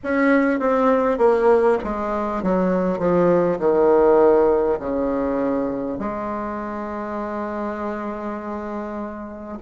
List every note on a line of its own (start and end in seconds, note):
0.03 0.59 C#4
0.59 1.17 C4
1.17 1.77 A#3
1.83 2.42 G#3
2.42 2.98 F#3
2.98 3.58 F3
3.59 4.79 D#3
4.79 5.98 C#3
5.98 9.58 G#3